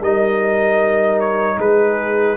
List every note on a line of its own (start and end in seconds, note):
0.00 1.56 G3
0.00 2.36 D#4
0.00 1.56 A#4
0.00 1.20 D#5
1.20 1.59 C#5
1.57 2.35 G#3
1.57 2.36 G#4
1.57 2.36 B4